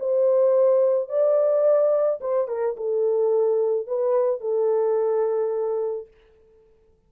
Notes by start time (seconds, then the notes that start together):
0.00 C5
1.09 D5
2.21 C5
2.48 A#4
2.77 A4
3.87 B4
4.41 A4